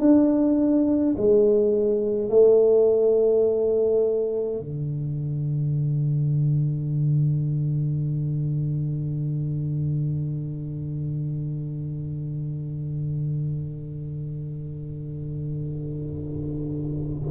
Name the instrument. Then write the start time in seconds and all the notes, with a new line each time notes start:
tuba
0.00 D4
1.17 G#3
2.30 A3
4.59 D3